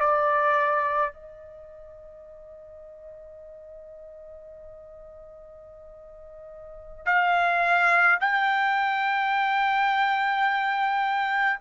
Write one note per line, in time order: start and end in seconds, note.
0.00 1.13 D5
1.13 7.05 D#5
7.05 8.19 F5
8.20 11.60 G5